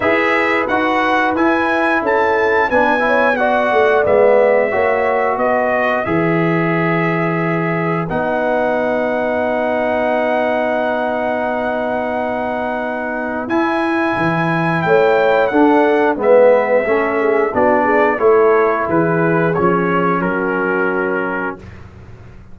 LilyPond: <<
  \new Staff \with { instrumentName = "trumpet" } { \time 4/4 \tempo 4 = 89 e''4 fis''4 gis''4 a''4 | gis''4 fis''4 e''2 | dis''4 e''2. | fis''1~ |
fis''1 | gis''2 g''4 fis''4 | e''2 d''4 cis''4 | b'4 cis''4 ais'2 | }
  \new Staff \with { instrumentName = "horn" } { \time 4/4 b'2. a'4 | b'8 cis''8 d''2 cis''4 | b'1~ | b'1~ |
b'1~ | b'2 cis''4 a'4 | b'4 a'8 gis'8 fis'8 gis'8 a'4 | gis'2 fis'2 | }
  \new Staff \with { instrumentName = "trombone" } { \time 4/4 gis'4 fis'4 e'2 | d'8 e'8 fis'4 b4 fis'4~ | fis'4 gis'2. | dis'1~ |
dis'1 | e'2. d'4 | b4 cis'4 d'4 e'4~ | e'4 cis'2. | }
  \new Staff \with { instrumentName = "tuba" } { \time 4/4 e'4 dis'4 e'4 cis'4 | b4. a8 gis4 ais4 | b4 e2. | b1~ |
b1 | e'4 e4 a4 d'4 | gis4 a4 b4 a4 | e4 f4 fis2 | }
>>